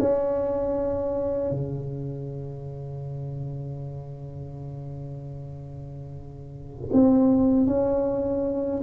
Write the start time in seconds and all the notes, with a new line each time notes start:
0.00 C#4
1.51 C#3
6.93 C4
7.66 C#4